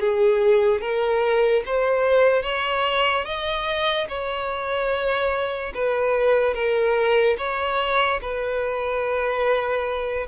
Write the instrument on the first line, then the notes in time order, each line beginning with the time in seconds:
violin
0.00 G#4
0.81 A#4
1.66 C5
2.43 C#5
3.25 D#5
4.09 C#5
5.74 B4
6.54 A#4
7.38 C#5
8.22 B4